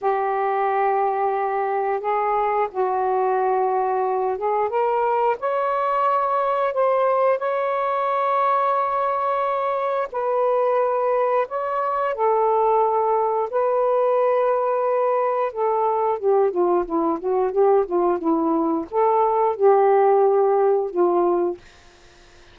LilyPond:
\new Staff \with { instrumentName = "saxophone" } { \time 4/4 \tempo 4 = 89 g'2. gis'4 | fis'2~ fis'8 gis'8 ais'4 | cis''2 c''4 cis''4~ | cis''2. b'4~ |
b'4 cis''4 a'2 | b'2. a'4 | g'8 f'8 e'8 fis'8 g'8 f'8 e'4 | a'4 g'2 f'4 | }